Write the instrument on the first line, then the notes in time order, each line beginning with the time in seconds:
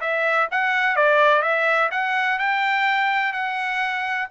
trumpet
0.00 E5
0.51 F#5
0.96 D5
1.42 E5
1.91 F#5
2.39 G5
3.32 F#5